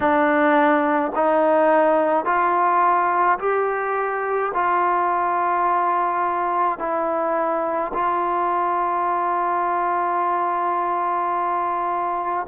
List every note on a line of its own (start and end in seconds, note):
0.00 1.12 D4
1.15 2.25 D#4
2.25 3.38 F4
3.38 4.51 G4
4.53 6.78 F4
6.78 7.91 E4
7.93 12.46 F4